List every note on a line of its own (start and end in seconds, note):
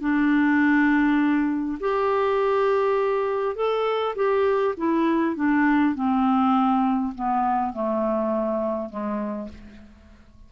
0.00 1.78 D4
1.80 3.56 G4
3.56 4.15 A4
4.15 4.75 G4
4.77 5.35 E4
5.35 5.95 D4
5.95 7.14 C4
7.15 7.73 B3
7.73 8.89 A3
8.89 9.49 G#3